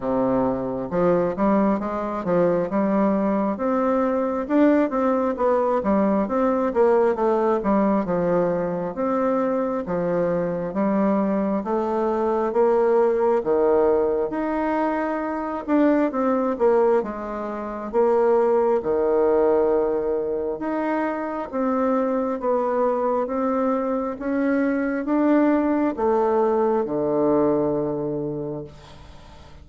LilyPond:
\new Staff \with { instrumentName = "bassoon" } { \time 4/4 \tempo 4 = 67 c4 f8 g8 gis8 f8 g4 | c'4 d'8 c'8 b8 g8 c'8 ais8 | a8 g8 f4 c'4 f4 | g4 a4 ais4 dis4 |
dis'4. d'8 c'8 ais8 gis4 | ais4 dis2 dis'4 | c'4 b4 c'4 cis'4 | d'4 a4 d2 | }